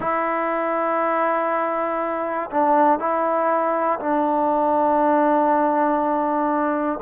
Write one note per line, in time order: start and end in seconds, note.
0.00 2.50 E4
2.50 2.99 D4
2.99 3.99 E4
4.00 7.00 D4